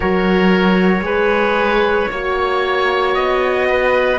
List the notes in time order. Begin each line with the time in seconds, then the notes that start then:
0.00 F#3 F#4 A#4 C#5
1.01 G#3 G#4 B4
2.10 A#3 F#4 C#5
3.14 B3 D#5
3.69 B4